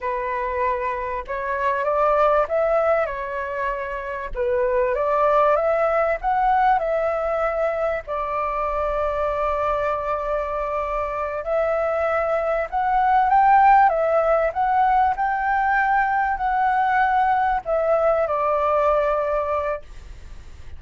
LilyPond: \new Staff \with { instrumentName = "flute" } { \time 4/4 \tempo 4 = 97 b'2 cis''4 d''4 | e''4 cis''2 b'4 | d''4 e''4 fis''4 e''4~ | e''4 d''2.~ |
d''2~ d''8 e''4.~ | e''8 fis''4 g''4 e''4 fis''8~ | fis''8 g''2 fis''4.~ | fis''8 e''4 d''2~ d''8 | }